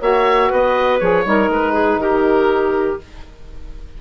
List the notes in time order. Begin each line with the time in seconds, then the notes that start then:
0.00 A#3 F#4 C#5 E5
0.49 B3 B4 D#5
1.00 F3 G#4 C#5
1.24 G3 D#4 A#4
1.49 G#3 B4
1.73 G#4
1.97 D#3 G4 A#4